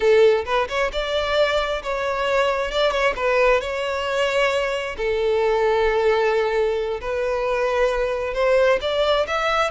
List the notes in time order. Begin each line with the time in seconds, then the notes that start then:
0.00 A4
0.45 B4
0.68 C#5
0.92 D5
1.82 C#5
2.71 D5
2.91 C#5
3.16 B4
3.60 C#5
4.97 A4
7.00 B4
8.34 C5
8.81 D5
9.27 E5